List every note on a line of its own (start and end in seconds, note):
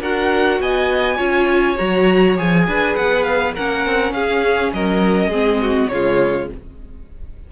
0.00 0.59 D4
0.00 1.17 F#4
0.00 0.60 A#4
0.00 0.61 F#5
0.59 1.18 B3
0.59 1.16 D#5
0.59 1.77 G#5
1.16 1.78 C#4
1.16 1.75 F4
1.16 2.63 C#5
1.77 2.38 F#3
1.77 2.36 F#4
1.77 2.36 A#5
2.36 2.67 F3
2.36 3.54 G#4
2.36 2.95 G#5
2.67 2.96 D4
2.67 3.54 B4
2.95 3.56 B3
2.95 3.23 F#5
3.23 3.52 F5
3.54 3.86 A#3
3.54 5.32 C#4
3.54 4.13 A#4
3.54 4.13 F#5
3.86 4.11 C4
4.11 4.70 C#4
4.11 4.73 G#4
4.11 4.72 F5
4.73 5.28 F#3
4.73 5.29 A#4
4.73 5.88 D#5
5.28 5.86 G#3
5.28 5.91 C4
5.28 5.58 G#4
5.61 5.90 F#4
5.88 6.49 C#3
5.88 6.50 G#3
5.88 6.51 F4
5.88 6.47 C#5